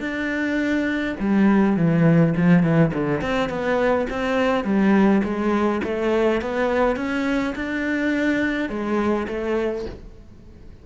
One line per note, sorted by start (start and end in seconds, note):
0.00 1.15 D4
1.20 1.76 G3
1.76 2.34 E3
2.37 2.63 F3
2.63 2.92 E3
2.93 3.22 D3
3.22 3.49 C4
3.49 4.07 B3
4.10 4.64 C4
4.64 5.22 G3
5.24 5.81 G#3
5.84 6.41 A3
6.41 6.96 B3
6.96 7.54 C#4
7.55 8.69 D4
8.69 9.27 G#3
9.28 9.85 A3